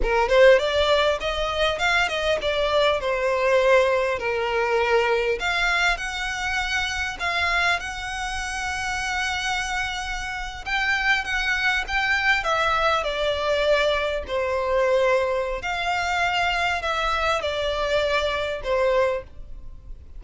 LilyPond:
\new Staff \with { instrumentName = "violin" } { \time 4/4 \tempo 4 = 100 ais'8 c''8 d''4 dis''4 f''8 dis''8 | d''4 c''2 ais'4~ | ais'4 f''4 fis''2 | f''4 fis''2.~ |
fis''4.~ fis''16 g''4 fis''4 g''16~ | g''8. e''4 d''2 c''16~ | c''2 f''2 | e''4 d''2 c''4 | }